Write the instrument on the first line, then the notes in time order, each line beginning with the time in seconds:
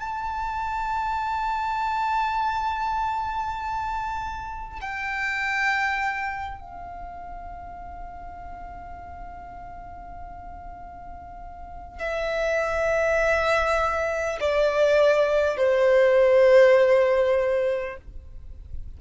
violin
0.00 A5
4.81 G5
6.61 F5
11.99 E5
14.40 D5
15.57 C5